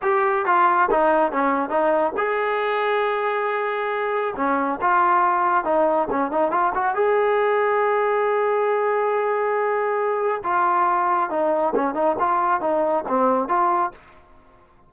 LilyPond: \new Staff \with { instrumentName = "trombone" } { \time 4/4 \tempo 4 = 138 g'4 f'4 dis'4 cis'4 | dis'4 gis'2.~ | gis'2 cis'4 f'4~ | f'4 dis'4 cis'8 dis'8 f'8 fis'8 |
gis'1~ | gis'1 | f'2 dis'4 cis'8 dis'8 | f'4 dis'4 c'4 f'4 | }